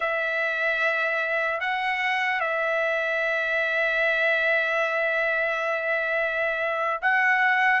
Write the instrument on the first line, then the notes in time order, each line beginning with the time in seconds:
trumpet
0.00 E5
1.60 F#5
2.40 E5
7.01 F#5